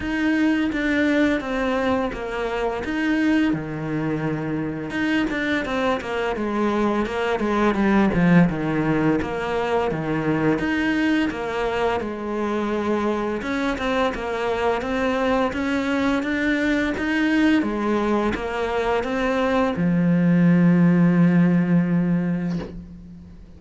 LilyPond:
\new Staff \with { instrumentName = "cello" } { \time 4/4 \tempo 4 = 85 dis'4 d'4 c'4 ais4 | dis'4 dis2 dis'8 d'8 | c'8 ais8 gis4 ais8 gis8 g8 f8 | dis4 ais4 dis4 dis'4 |
ais4 gis2 cis'8 c'8 | ais4 c'4 cis'4 d'4 | dis'4 gis4 ais4 c'4 | f1 | }